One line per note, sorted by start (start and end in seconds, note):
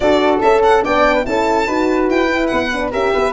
0.00 0.40 D4
0.00 0.43 F#4
0.00 0.84 A4
0.00 0.39 D5
0.41 0.84 C#4
0.41 0.82 A4
0.41 0.62 E5
0.62 0.83 F#5
0.82 1.26 B3
0.82 1.23 D4
0.82 1.13 D5
0.82 1.25 G5
1.13 1.24 B4
1.23 1.67 C#4
1.23 1.65 E4
1.23 1.66 A4
1.23 2.09 A5
1.66 2.09 D#4
1.66 2.28 F#4
1.66 2.90 B4
2.09 2.50 E4
2.09 2.47 G5
2.28 2.70 E4
2.47 2.93 B3
2.47 2.88 F#5
2.73 2.92 D4
2.90 3.14 C#4
2.90 3.32 G4
2.90 3.11 A#4
2.90 3.32 E5
3.12 3.32 B3
3.12 3.32 B4